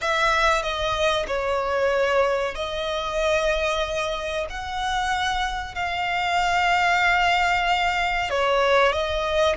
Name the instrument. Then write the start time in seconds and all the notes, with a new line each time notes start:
violin
0.01 E5
0.62 D#5
1.27 C#5
2.54 D#5
4.49 F#5
5.74 F5
8.30 C#5
8.92 D#5